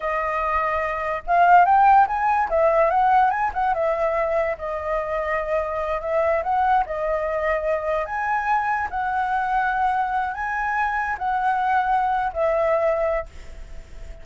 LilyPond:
\new Staff \with { instrumentName = "flute" } { \time 4/4 \tempo 4 = 145 dis''2. f''4 | g''4 gis''4 e''4 fis''4 | gis''8 fis''8 e''2 dis''4~ | dis''2~ dis''8 e''4 fis''8~ |
fis''8 dis''2. gis''8~ | gis''4. fis''2~ fis''8~ | fis''4 gis''2 fis''4~ | fis''4.~ fis''16 e''2~ e''16 | }